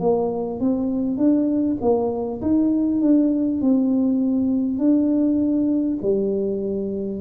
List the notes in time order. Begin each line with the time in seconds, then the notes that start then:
0.00 A#3
0.61 C4
1.17 D4
1.82 A#3
2.42 D#4
3.01 D4
3.61 C4
4.78 D4
6.02 G3